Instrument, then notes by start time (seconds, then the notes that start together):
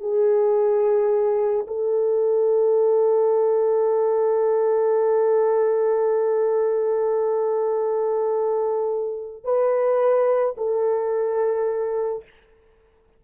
horn
0.00 G#4
1.67 A4
9.44 B4
10.57 A4